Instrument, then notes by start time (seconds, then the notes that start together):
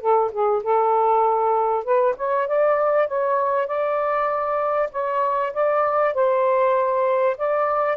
saxophone
0.00 A4
0.31 G#4
0.63 A4
1.84 B4
2.16 C#5
2.47 D5
3.07 C#5
3.67 D5
4.91 C#5
5.53 D5
6.14 C5
7.37 D5